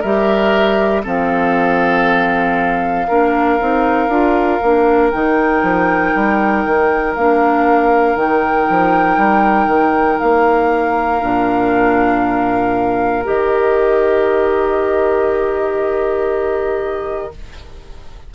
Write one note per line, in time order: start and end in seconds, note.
0.00 1.05 G3
0.00 1.04 G4
0.00 1.02 A#4
0.00 1.03 E5
1.03 3.09 F3
1.03 3.07 C4
1.03 3.07 A4
1.03 5.10 F5
3.08 3.60 A#3
3.08 3.60 D4
3.08 17.31 A#4
3.60 4.08 C4
3.60 4.10 D#4
4.08 4.59 D4
4.08 4.60 F4
4.62 5.13 A#3
4.62 5.12 D4
5.10 5.62 D#3
5.10 7.16 D#4
5.10 7.14 G5
5.62 6.13 F3
6.15 6.65 G3
6.65 7.16 D#3
7.15 8.15 A#3
7.15 8.18 D4
7.15 8.16 F5
8.15 8.66 D#3
8.15 11.21 D#4
8.15 10.19 G5
8.69 9.17 F3
9.17 9.67 G3
9.67 10.18 D#3
10.19 11.22 A#3
10.19 13.24 F5
11.21 13.26 A#2
11.21 13.24 D4
13.24 17.34 D#3
13.24 17.31 G4
13.24 17.33 D#5